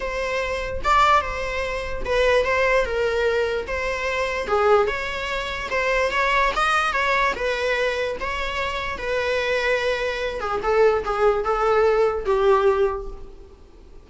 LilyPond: \new Staff \with { instrumentName = "viola" } { \time 4/4 \tempo 4 = 147 c''2 d''4 c''4~ | c''4 b'4 c''4 ais'4~ | ais'4 c''2 gis'4 | cis''2 c''4 cis''4 |
dis''4 cis''4 b'2 | cis''2 b'2~ | b'4. gis'8 a'4 gis'4 | a'2 g'2 | }